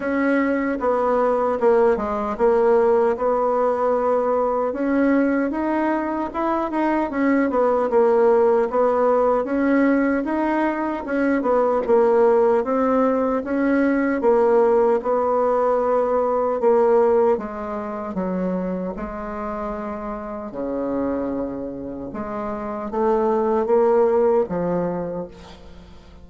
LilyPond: \new Staff \with { instrumentName = "bassoon" } { \time 4/4 \tempo 4 = 76 cis'4 b4 ais8 gis8 ais4 | b2 cis'4 dis'4 | e'8 dis'8 cis'8 b8 ais4 b4 | cis'4 dis'4 cis'8 b8 ais4 |
c'4 cis'4 ais4 b4~ | b4 ais4 gis4 fis4 | gis2 cis2 | gis4 a4 ais4 f4 | }